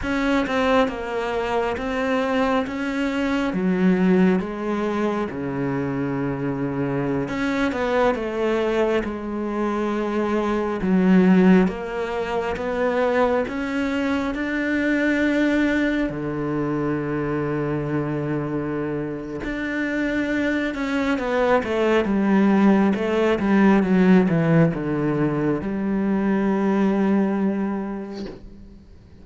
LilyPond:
\new Staff \with { instrumentName = "cello" } { \time 4/4 \tempo 4 = 68 cis'8 c'8 ais4 c'4 cis'4 | fis4 gis4 cis2~ | cis16 cis'8 b8 a4 gis4.~ gis16~ | gis16 fis4 ais4 b4 cis'8.~ |
cis'16 d'2 d4.~ d16~ | d2 d'4. cis'8 | b8 a8 g4 a8 g8 fis8 e8 | d4 g2. | }